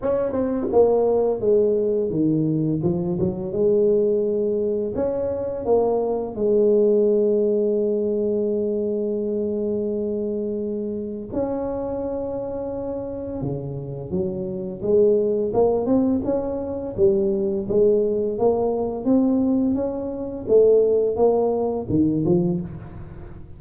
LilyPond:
\new Staff \with { instrumentName = "tuba" } { \time 4/4 \tempo 4 = 85 cis'8 c'8 ais4 gis4 dis4 | f8 fis8 gis2 cis'4 | ais4 gis2.~ | gis1 |
cis'2. cis4 | fis4 gis4 ais8 c'8 cis'4 | g4 gis4 ais4 c'4 | cis'4 a4 ais4 dis8 f8 | }